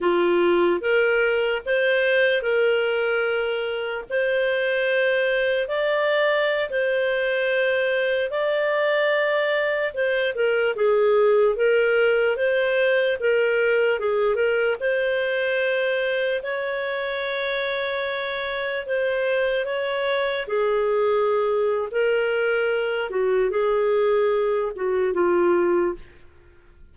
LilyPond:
\new Staff \with { instrumentName = "clarinet" } { \time 4/4 \tempo 4 = 74 f'4 ais'4 c''4 ais'4~ | ais'4 c''2 d''4~ | d''16 c''2 d''4.~ d''16~ | d''16 c''8 ais'8 gis'4 ais'4 c''8.~ |
c''16 ais'4 gis'8 ais'8 c''4.~ c''16~ | c''16 cis''2. c''8.~ | c''16 cis''4 gis'4.~ gis'16 ais'4~ | ais'8 fis'8 gis'4. fis'8 f'4 | }